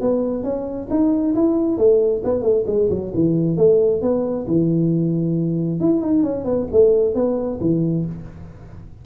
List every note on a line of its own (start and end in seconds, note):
0.00 0.43 B3
0.43 0.87 C#4
0.90 1.34 D#4
1.35 1.78 E4
1.78 2.22 A3
2.24 2.42 B3
2.42 2.64 A3
2.66 2.88 G#3
2.89 3.12 F#3
3.14 3.57 E3
3.57 4.01 A3
4.01 4.46 B3
4.47 5.80 E3
5.80 6.01 E4
6.01 6.22 D#4
6.22 6.44 C#4
6.44 6.66 B3
6.72 7.14 A3
7.14 7.59 B3
7.60 8.05 E3